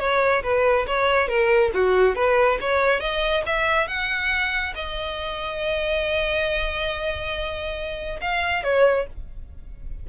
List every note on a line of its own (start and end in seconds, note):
0.00 0.43 C#5
0.43 0.87 B4
0.87 1.28 C#5
1.28 1.71 A#4
1.74 2.16 F#4
2.16 2.59 B4
2.61 3.00 C#5
3.00 3.44 D#5
3.47 3.88 E5
3.88 4.74 F#5
4.75 8.21 D#5
8.21 8.64 F5
8.64 9.07 C#5